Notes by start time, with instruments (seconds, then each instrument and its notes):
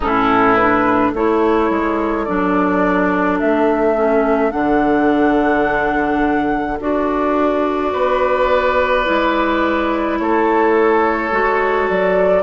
0.00 bassoon A2, clarinet C#4, oboe E4, flute A4
0.54 clarinet D4, flute B4
1.11 bassoon A3, clarinet E4, oboe A4, flute C#5
1.70 bassoon G#3
2.25 bassoon F#3, clarinet D4, flute D5
3.39 bassoon A3, flute E5
3.96 clarinet C#4
4.51 bassoon D3, clarinet D4, flute F#5
6.79 bassoon D4, clarinet F#4, flute D5
7.92 bassoon B3, oboe B4
9.04 bassoon G#3, clarinet E4
10.18 bassoon A3, oboe A4, flute C#5
11.31 bassoon G#3, clarinet F#4
11.89 bassoon F#3, flute D5